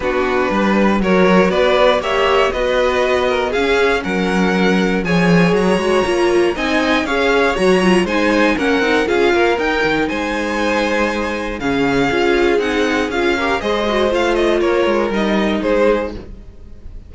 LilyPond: <<
  \new Staff \with { instrumentName = "violin" } { \time 4/4 \tempo 4 = 119 b'2 cis''4 d''4 | e''4 dis''2 f''4 | fis''2 gis''4 ais''4~ | ais''4 gis''4 f''4 ais''4 |
gis''4 fis''4 f''4 g''4 | gis''2. f''4~ | f''4 fis''4 f''4 dis''4 | f''8 dis''8 cis''4 dis''4 c''4 | }
  \new Staff \with { instrumentName = "violin" } { \time 4/4 fis'4 b'4 ais'4 b'4 | cis''4 b'4. ais'8 gis'4 | ais'2 cis''2~ | cis''4 dis''4 cis''2 |
c''4 ais'4 gis'8 ais'4. | c''2. gis'4~ | gis'2~ gis'8 ais'8 c''4~ | c''4 ais'2 gis'4 | }
  \new Staff \with { instrumentName = "viola" } { \time 4/4 d'2 fis'2 | g'4 fis'2 cis'4~ | cis'2 gis'4. fis'8 | f'4 dis'4 gis'4 fis'8 f'8 |
dis'4 cis'8 dis'8 f'4 dis'4~ | dis'2. cis'4 | f'4 dis'4 f'8 g'8 gis'8 fis'8 | f'2 dis'2 | }
  \new Staff \with { instrumentName = "cello" } { \time 4/4 b4 g4 fis4 b4 | ais4 b2 cis'4 | fis2 f4 fis8 gis8 | ais4 c'4 cis'4 fis4 |
gis4 ais8 c'8 cis'8 ais8 dis'8 dis8 | gis2. cis4 | cis'4 c'4 cis'4 gis4 | a4 ais8 gis8 g4 gis4 | }
>>